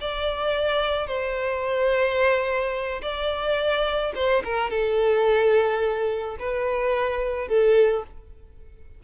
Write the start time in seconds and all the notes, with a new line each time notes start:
0.00 D5
1.07 C5
3.01 D5
4.14 C5
4.44 A#4
4.70 A4
6.38 B4
7.48 A4